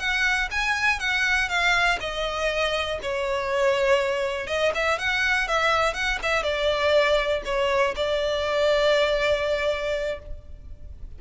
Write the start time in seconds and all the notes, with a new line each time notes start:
0.00 F#5
0.51 G#5
1.00 F#5
1.50 F5
2.01 D#5
3.02 C#5
4.47 D#5
4.75 E5
4.99 F#5
5.48 E5
5.94 F#5
6.23 E5
6.43 D5
7.45 C#5
7.96 D5